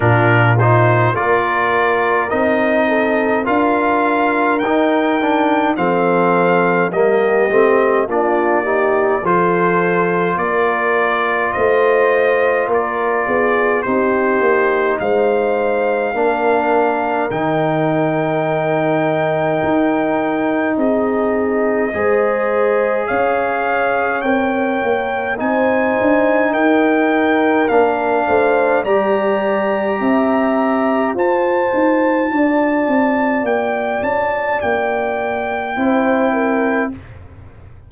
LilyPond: <<
  \new Staff \with { instrumentName = "trumpet" } { \time 4/4 \tempo 4 = 52 ais'8 c''8 d''4 dis''4 f''4 | g''4 f''4 dis''4 d''4 | c''4 d''4 dis''4 d''4 | c''4 f''2 g''4~ |
g''2 dis''2 | f''4 g''4 gis''4 g''4 | f''4 ais''2 a''4~ | a''4 g''8 a''8 g''2 | }
  \new Staff \with { instrumentName = "horn" } { \time 4/4 f'4 ais'4. a'8 ais'4~ | ais'4 a'4 g'4 f'8 g'8 | a'4 ais'4 c''4 ais'8 gis'8 | g'4 c''4 ais'2~ |
ais'2 gis'4 c''4 | cis''2 c''4 ais'4~ | ais'8 c''8 d''4 e''4 c''4 | d''2. c''8 ais'8 | }
  \new Staff \with { instrumentName = "trombone" } { \time 4/4 d'8 dis'8 f'4 dis'4 f'4 | dis'8 d'8 c'4 ais8 c'8 d'8 dis'8 | f'1 | dis'2 d'4 dis'4~ |
dis'2. gis'4~ | gis'4 ais'4 dis'2 | d'4 g'2 f'4~ | f'2. e'4 | }
  \new Staff \with { instrumentName = "tuba" } { \time 4/4 ais,4 ais4 c'4 d'4 | dis'4 f4 g8 a8 ais4 | f4 ais4 a4 ais8 b8 | c'8 ais8 gis4 ais4 dis4~ |
dis4 dis'4 c'4 gis4 | cis'4 c'8 ais8 c'8 d'8 dis'4 | ais8 a8 g4 c'4 f'8 dis'8 | d'8 c'8 ais8 cis'8 ais4 c'4 | }
>>